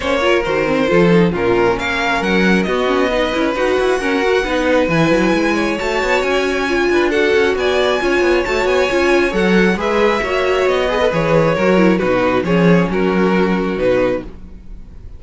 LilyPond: <<
  \new Staff \with { instrumentName = "violin" } { \time 4/4 \tempo 4 = 135 cis''4 c''2 ais'4 | f''4 fis''4 dis''2 | fis''2. gis''4~ | gis''4 a''4 gis''2 |
fis''4 gis''2 a''8 gis''8~ | gis''4 fis''4 e''2 | dis''4 cis''2 b'4 | cis''4 ais'2 b'4 | }
  \new Staff \with { instrumentName = "violin" } { \time 4/4 c''8 ais'4. a'4 f'4 | ais'2 fis'4 b'4~ | b'4 ais'4 b'2~ | b'8 cis''2. b'8 |
a'4 d''4 cis''2~ | cis''2 b'4 cis''4~ | cis''8 b'4. ais'4 fis'4 | gis'4 fis'2. | }
  \new Staff \with { instrumentName = "viola" } { \time 4/4 cis'8 f'8 fis'8 c'8 f'8 dis'8 cis'4~ | cis'2 b8 cis'8 dis'8 e'8 | fis'4 cis'8 fis'8 dis'4 e'4~ | e'4 fis'2 f'4 |
fis'2 f'4 fis'4 | f'4 a'4 gis'4 fis'4~ | fis'8 gis'16 a'16 gis'4 fis'8 e'8 dis'4 | cis'2. dis'4 | }
  \new Staff \with { instrumentName = "cello" } { \time 4/4 ais4 dis4 f4 ais,4 | ais4 fis4 b4. cis'8 | dis'8 e'8 fis'4 b4 e8 fis8 | gis4 a8 b8 cis'4. d'8~ |
d'8 cis'8 b4 cis'8 b8 a8 b8 | cis'4 fis4 gis4 ais4 | b4 e4 fis4 b,4 | f4 fis2 b,4 | }
>>